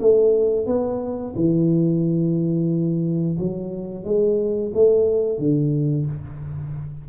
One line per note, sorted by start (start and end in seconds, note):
0.00 0.66 A3
0.66 1.34 B3
1.35 3.37 E3
3.39 4.04 F#3
4.04 4.72 G#3
4.74 5.38 A3
5.38 6.06 D3